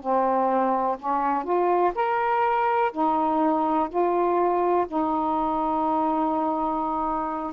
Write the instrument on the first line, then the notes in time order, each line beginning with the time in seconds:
saxophone
0.00 C4
0.99 C#4
1.44 F4
1.95 A#4
2.92 D#4
3.89 F4
4.87 D#4